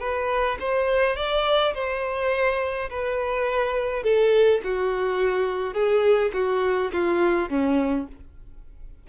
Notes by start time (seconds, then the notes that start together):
0.00 B4
0.60 C5
1.16 D5
1.74 C5
2.90 B4
4.04 A4
4.64 F#4
5.74 G#4
6.34 F#4
6.93 F4
7.49 C#4